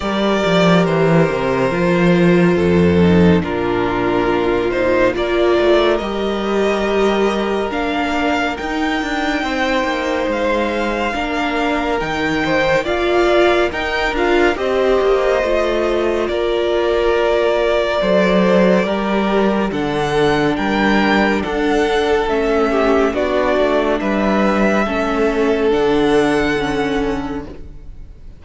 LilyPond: <<
  \new Staff \with { instrumentName = "violin" } { \time 4/4 \tempo 4 = 70 d''4 c''2. | ais'4. c''8 d''4 dis''4~ | dis''4 f''4 g''2 | f''2 g''4 f''4 |
g''8 f''8 dis''2 d''4~ | d''2. fis''4 | g''4 fis''4 e''4 d''4 | e''2 fis''2 | }
  \new Staff \with { instrumentName = "violin" } { \time 4/4 ais'2. a'4 | f'2 ais'2~ | ais'2. c''4~ | c''4 ais'4. c''8 d''4 |
ais'4 c''2 ais'4~ | ais'4 c''4 ais'4 a'4 | ais'4 a'4. g'8 fis'4 | b'4 a'2. | }
  \new Staff \with { instrumentName = "viola" } { \time 4/4 g'2 f'4. dis'8 | d'4. dis'8 f'4 g'4~ | g'4 d'4 dis'2~ | dis'4 d'4 dis'4 f'4 |
dis'8 f'8 g'4 f'2~ | f'4 a'4 g'4 d'4~ | d'2 cis'4 d'4~ | d'4 cis'4 d'4 cis'4 | }
  \new Staff \with { instrumentName = "cello" } { \time 4/4 g8 f8 e8 c8 f4 f,4 | ais,2 ais8 a8 g4~ | g4 ais4 dis'8 d'8 c'8 ais8 | gis4 ais4 dis4 ais4 |
dis'8 d'8 c'8 ais8 a4 ais4~ | ais4 fis4 g4 d4 | g4 d'4 a4 b8 a8 | g4 a4 d2 | }
>>